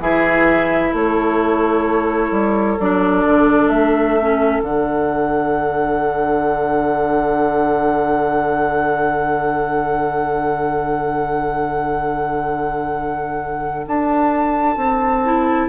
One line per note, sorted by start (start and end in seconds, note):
0.00 0.92 E3
0.00 2.78 E4
0.00 0.92 G#4
0.00 0.95 E5
0.92 2.31 A3
0.92 15.68 A4
0.92 2.80 C#5
2.31 2.77 G3
2.79 3.26 F#3
2.79 4.20 D4
2.79 3.69 D5
3.26 3.67 D3
3.67 4.59 A3
3.67 4.61 E5
4.21 4.63 C#4
4.62 13.85 D3
4.62 15.24 D4
4.62 13.87 F#5
13.87 14.76 D4
13.87 15.68 A5
14.76 15.68 C4
15.25 15.68 E4